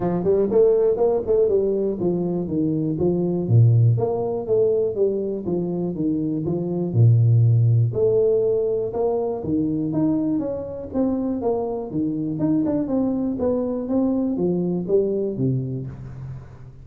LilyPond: \new Staff \with { instrumentName = "tuba" } { \time 4/4 \tempo 4 = 121 f8 g8 a4 ais8 a8 g4 | f4 dis4 f4 ais,4 | ais4 a4 g4 f4 | dis4 f4 ais,2 |
a2 ais4 dis4 | dis'4 cis'4 c'4 ais4 | dis4 dis'8 d'8 c'4 b4 | c'4 f4 g4 c4 | }